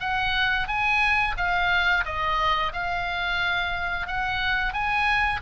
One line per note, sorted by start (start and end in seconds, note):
0.00 0.67 F#5
0.67 1.35 G#5
1.37 2.04 F5
2.05 2.72 D#5
2.73 4.07 F5
4.07 4.73 F#5
4.73 5.40 G#5